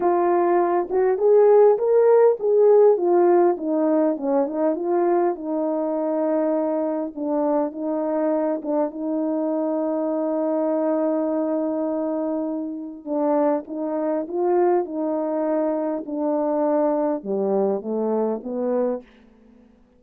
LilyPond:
\new Staff \with { instrumentName = "horn" } { \time 4/4 \tempo 4 = 101 f'4. fis'8 gis'4 ais'4 | gis'4 f'4 dis'4 cis'8 dis'8 | f'4 dis'2. | d'4 dis'4. d'8 dis'4~ |
dis'1~ | dis'2 d'4 dis'4 | f'4 dis'2 d'4~ | d'4 g4 a4 b4 | }